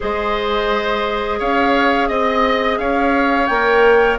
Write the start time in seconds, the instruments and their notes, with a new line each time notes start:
0.00 bassoon G#3, clarinet G#4, oboe C5, flute D#5
1.39 bassoon C#4, oboe C#5, flute F5
2.08 bassoon C4, flute D#5, oboe D#5
2.78 bassoon C#4, oboe C#5, flute F5
3.46 bassoon A#3, clarinet A#4, flute G5